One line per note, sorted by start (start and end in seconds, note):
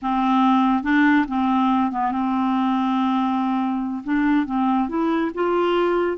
0.01 0.83 C4
0.83 1.25 D4
1.28 1.91 C4
1.91 2.11 B3
2.11 4.03 C4
4.03 4.46 D4
4.46 4.88 C4
4.88 5.31 E4
5.34 6.17 F4